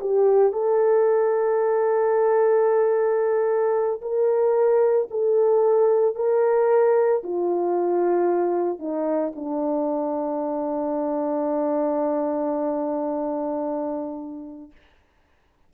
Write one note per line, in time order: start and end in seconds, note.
0.00 0.53 G4
0.53 4.01 A4
4.01 5.08 A#4
5.10 6.15 A4
6.15 7.22 A#4
7.23 8.79 F4
8.79 9.32 D#4
9.36 14.71 D4